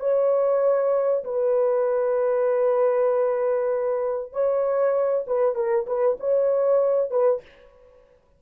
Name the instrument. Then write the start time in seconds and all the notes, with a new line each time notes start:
horn
0.00 C#5
1.24 B4
4.32 C#5
5.27 B4
5.55 A#4
5.87 B4
6.20 C#5
7.11 B4